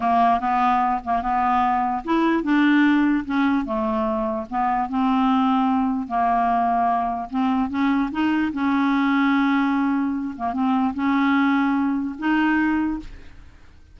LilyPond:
\new Staff \with { instrumentName = "clarinet" } { \time 4/4 \tempo 4 = 148 ais4 b4. ais8 b4~ | b4 e'4 d'2 | cis'4 a2 b4 | c'2. ais4~ |
ais2 c'4 cis'4 | dis'4 cis'2.~ | cis'4. ais8 c'4 cis'4~ | cis'2 dis'2 | }